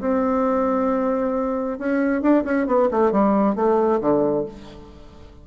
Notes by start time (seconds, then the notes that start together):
0.00 C4
1.78 C#4
2.21 D4
2.44 C#4
2.66 B3
2.90 A3
3.12 G3
3.55 A3
4.00 D3